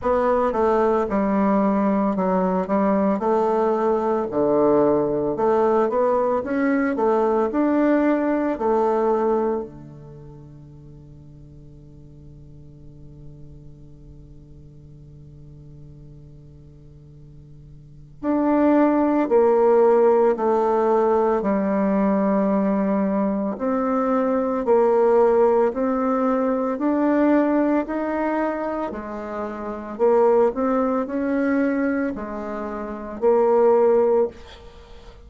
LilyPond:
\new Staff \with { instrumentName = "bassoon" } { \time 4/4 \tempo 4 = 56 b8 a8 g4 fis8 g8 a4 | d4 a8 b8 cis'8 a8 d'4 | a4 d2.~ | d1~ |
d4 d'4 ais4 a4 | g2 c'4 ais4 | c'4 d'4 dis'4 gis4 | ais8 c'8 cis'4 gis4 ais4 | }